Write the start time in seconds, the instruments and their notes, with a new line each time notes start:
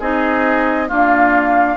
0.00 bassoon C4, clarinet D#4, oboe G#4, flute D#5
0.88 clarinet A#3, bassoon D4, oboe F4, flute F5